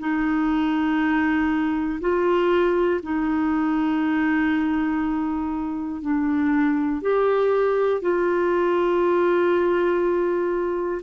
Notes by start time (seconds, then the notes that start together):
0.00 D#4
2.00 F4
3.03 D#4
6.02 D4
7.01 G4
8.01 F4